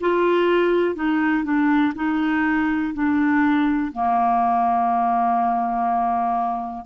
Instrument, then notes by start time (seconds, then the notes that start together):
clarinet
0.00 F4
0.95 D#4
1.44 D4
1.95 D#4
2.93 D4
3.91 A#3